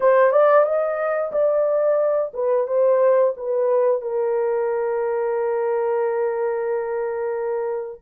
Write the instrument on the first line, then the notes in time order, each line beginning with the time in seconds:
horn
0.00 C5
0.32 D5
0.65 D#5
1.32 D5
2.33 B4
2.67 C5
3.36 B4
4.02 A#4